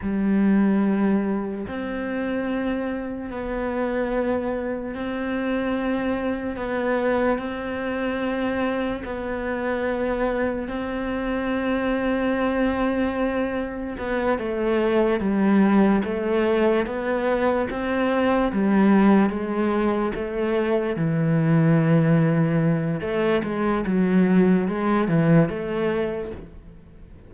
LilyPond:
\new Staff \with { instrumentName = "cello" } { \time 4/4 \tempo 4 = 73 g2 c'2 | b2 c'2 | b4 c'2 b4~ | b4 c'2.~ |
c'4 b8 a4 g4 a8~ | a8 b4 c'4 g4 gis8~ | gis8 a4 e2~ e8 | a8 gis8 fis4 gis8 e8 a4 | }